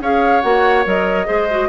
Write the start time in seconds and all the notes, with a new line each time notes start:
0.00 C#4 G#4 C#5 F5
0.41 A#3 F#4 F#5
0.84 F#3 A#4 D#5
1.26 G#3 G#4 C5
1.50 F#4